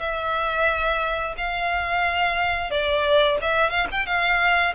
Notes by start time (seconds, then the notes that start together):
0.00 E5
1.37 F5
2.71 D5
3.41 E5
3.70 F5
3.91 G5
4.06 F5